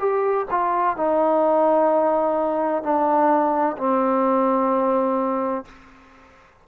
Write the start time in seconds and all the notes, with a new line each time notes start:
0.00 G4
0.51 F4
0.97 D#4
2.83 D4
3.78 C4